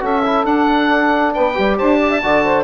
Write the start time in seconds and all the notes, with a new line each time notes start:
0.00 C#4 F#4 A4 E5
0.24 E4
0.45 D4 F#5
1.33 B3 B4 G5
1.54 G3 G4
1.77 D4 C5 A5
2.00 D5
2.10 E5
2.23 D3 F#4 D5
2.44 C5